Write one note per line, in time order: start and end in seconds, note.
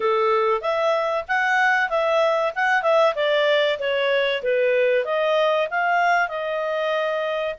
0.00 0.61 A4
0.61 1.24 E5
1.28 1.89 F#5
1.89 2.52 E5
2.55 2.82 F#5
2.82 3.14 E5
3.15 3.78 D5
3.79 4.42 C#5
4.42 5.04 B4
5.04 5.68 D#5
5.70 6.28 F5
6.28 7.54 D#5